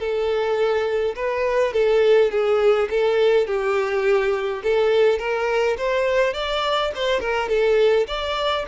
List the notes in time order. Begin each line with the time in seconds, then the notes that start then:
0.00 A4
1.16 B4
1.74 A4
2.32 G#4
2.90 A4
3.47 G4
4.63 A4
5.19 A#4
5.78 C5
6.34 D5
6.95 C5
7.20 A#4
7.49 A4
8.08 D5